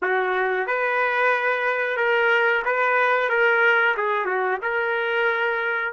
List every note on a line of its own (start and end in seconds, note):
0.02 0.67 F#4
0.67 1.97 B4
1.97 2.63 A#4
2.64 3.29 B4
3.29 3.95 A#4
3.97 4.25 G#4
4.25 4.58 F#4
4.62 5.93 A#4